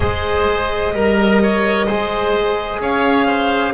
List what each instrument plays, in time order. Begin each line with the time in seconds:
0.00 double bass G#3, trombone G#4, oboe C5, violin D#5
0.93 double bass G3, trombone A#4, oboe A#4
1.42 oboe C#5
1.86 double bass G#3, trombone G#4, oboe C5
2.79 double bass C#4, oboe C#5, violin F5
3.26 oboe C5